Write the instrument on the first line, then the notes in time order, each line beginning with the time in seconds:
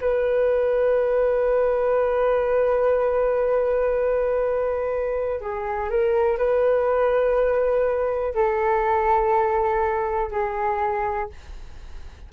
flute
0.00 B4
5.41 G#4
5.90 A#4
6.38 B4
8.34 A4
10.31 G#4